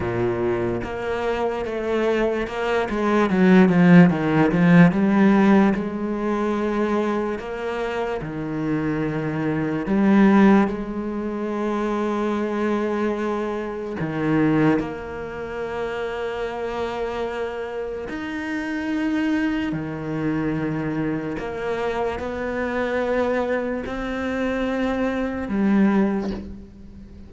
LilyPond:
\new Staff \with { instrumentName = "cello" } { \time 4/4 \tempo 4 = 73 ais,4 ais4 a4 ais8 gis8 | fis8 f8 dis8 f8 g4 gis4~ | gis4 ais4 dis2 | g4 gis2.~ |
gis4 dis4 ais2~ | ais2 dis'2 | dis2 ais4 b4~ | b4 c'2 g4 | }